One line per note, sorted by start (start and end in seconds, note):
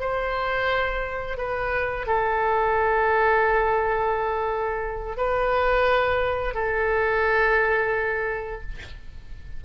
0.00 1.38 C5
1.38 2.07 B4
2.07 5.17 A4
5.17 6.55 B4
6.55 8.62 A4